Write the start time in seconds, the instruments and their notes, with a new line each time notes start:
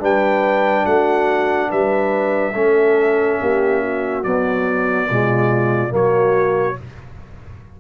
0.00 tuba G3, trombone D4, horn B4, trumpet G5
0.84 tuba A3, horn F#4, trumpet F#5
1.69 tuba G3, horn B4, trumpet E5
2.54 tuba A3, trombone C#4, horn A4
3.41 tuba A#3, horn G4
3.82 horn F#4
4.24 trombone F#3, tuba B3, trumpet D5
5.09 tuba B2, trombone G#3, horn F4
5.89 tuba F#3, trombone A#3, horn F#4
5.96 trumpet C#5